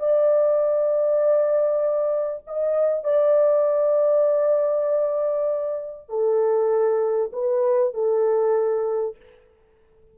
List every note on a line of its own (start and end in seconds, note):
0.00 2.45 D5
2.47 3.04 D#5
3.04 6.09 D5
6.09 7.32 A4
7.33 7.94 B4
7.94 9.17 A4